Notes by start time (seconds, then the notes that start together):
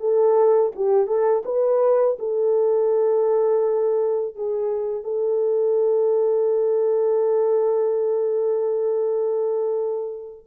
0.00 A4
0.76 G4
1.07 A4
1.46 B4
2.19 A4
4.36 G#4
5.04 A4